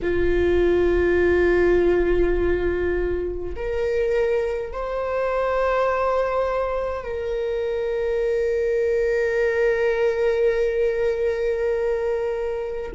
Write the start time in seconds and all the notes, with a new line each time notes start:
0.02 F4
3.56 A#4
4.73 C5
7.03 A#4